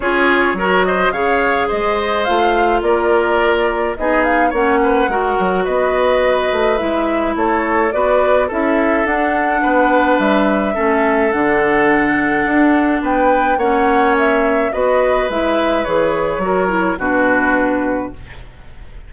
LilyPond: <<
  \new Staff \with { instrumentName = "flute" } { \time 4/4 \tempo 4 = 106 cis''4. dis''8 f''4 dis''4 | f''4 d''2 dis''8 f''8 | fis''2 dis''2 | e''4 cis''4 d''4 e''4 |
fis''2 e''2 | fis''2. g''4 | fis''4 e''4 dis''4 e''4 | cis''2 b'2 | }
  \new Staff \with { instrumentName = "oboe" } { \time 4/4 gis'4 ais'8 c''8 cis''4 c''4~ | c''4 ais'2 gis'4 | cis''8 b'8 ais'4 b'2~ | b'4 a'4 b'4 a'4~ |
a'4 b'2 a'4~ | a'2. b'4 | cis''2 b'2~ | b'4 ais'4 fis'2 | }
  \new Staff \with { instrumentName = "clarinet" } { \time 4/4 f'4 fis'4 gis'2 | f'2. dis'4 | cis'4 fis'2. | e'2 fis'4 e'4 |
d'2. cis'4 | d'1 | cis'2 fis'4 e'4 | gis'4 fis'8 e'8 d'2 | }
  \new Staff \with { instrumentName = "bassoon" } { \time 4/4 cis'4 fis4 cis4 gis4 | a4 ais2 b4 | ais4 gis8 fis8 b4. a8 | gis4 a4 b4 cis'4 |
d'4 b4 g4 a4 | d2 d'4 b4 | ais2 b4 gis4 | e4 fis4 b,2 | }
>>